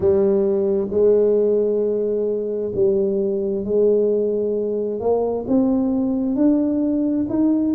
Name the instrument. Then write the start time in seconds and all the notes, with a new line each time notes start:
tuba
0.00 G3
0.90 G#3
2.74 G3
3.64 G#3
5.00 A#3
5.47 C4
6.35 D4
7.29 D#4